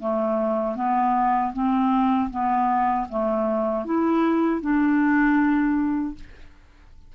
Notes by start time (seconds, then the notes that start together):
0.00 A3
0.76 B3
1.53 C4
2.30 B3
3.09 A3
3.85 E4
4.61 D4